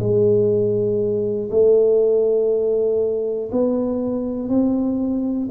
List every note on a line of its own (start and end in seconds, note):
0.00 1.50 G#3
1.51 3.51 A3
3.52 4.49 B3
4.49 5.49 C4